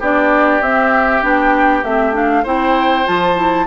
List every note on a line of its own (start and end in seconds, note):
0.00 0.61 B3
0.00 0.63 D4
0.00 2.44 G4
0.00 0.62 D5
0.61 1.22 C4
0.61 1.24 E5
1.22 1.84 B3
1.22 1.83 D4
1.22 1.85 G5
1.84 2.45 A3
1.84 2.13 C4
1.84 2.15 E5
2.13 2.44 D4
2.13 2.46 F5
2.44 3.07 C4
2.44 3.05 E4
2.44 3.66 C5
2.44 3.07 G5
3.05 3.67 F3
3.05 3.36 F4
3.05 3.67 A5
3.36 3.66 E4